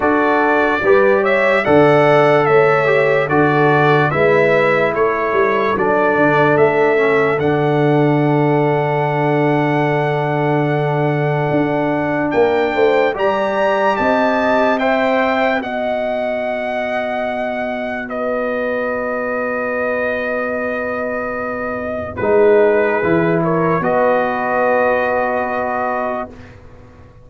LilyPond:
<<
  \new Staff \with { instrumentName = "trumpet" } { \time 4/4 \tempo 4 = 73 d''4. e''8 fis''4 e''4 | d''4 e''4 cis''4 d''4 | e''4 fis''2.~ | fis''2. g''4 |
ais''4 a''4 g''4 fis''4~ | fis''2 dis''2~ | dis''2. b'4~ | b'8 cis''8 dis''2. | }
  \new Staff \with { instrumentName = "horn" } { \time 4/4 a'4 b'8 cis''8 d''4 cis''4 | a'4 b'4 a'2~ | a'1~ | a'2. ais'8 c''8 |
d''4 dis''4 e''4 dis''4~ | dis''2 b'2~ | b'2. gis'4~ | gis'8 ais'8 b'2. | }
  \new Staff \with { instrumentName = "trombone" } { \time 4/4 fis'4 g'4 a'4. g'8 | fis'4 e'2 d'4~ | d'8 cis'8 d'2.~ | d'1 |
g'2 c''4 fis'4~ | fis'1~ | fis'2. dis'4 | e'4 fis'2. | }
  \new Staff \with { instrumentName = "tuba" } { \time 4/4 d'4 g4 d4 a4 | d4 gis4 a8 g8 fis8 d8 | a4 d2.~ | d2 d'4 ais8 a8 |
g4 c'2 b4~ | b1~ | b2. gis4 | e4 b2. | }
>>